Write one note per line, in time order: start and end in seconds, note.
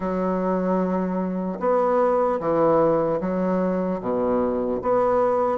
0.00 1.58 F#3
1.59 2.39 B3
2.40 3.20 E3
3.20 4.00 F#3
4.00 4.80 B2
4.81 5.58 B3